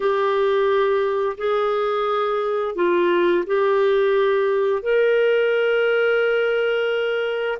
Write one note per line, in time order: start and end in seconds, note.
0.00 1.36 G4
1.37 2.75 G#4
2.75 3.44 F4
3.46 4.82 G4
4.82 7.58 A#4